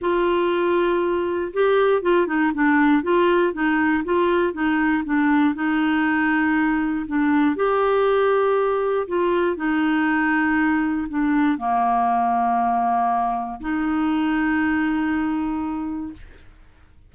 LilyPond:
\new Staff \with { instrumentName = "clarinet" } { \time 4/4 \tempo 4 = 119 f'2. g'4 | f'8 dis'8 d'4 f'4 dis'4 | f'4 dis'4 d'4 dis'4~ | dis'2 d'4 g'4~ |
g'2 f'4 dis'4~ | dis'2 d'4 ais4~ | ais2. dis'4~ | dis'1 | }